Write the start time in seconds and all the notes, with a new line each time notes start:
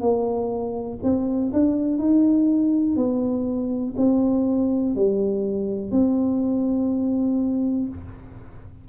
0.00 A#3
1.03 C4
1.53 D4
1.98 D#4
2.96 B3
3.97 C4
4.95 G3
5.91 C4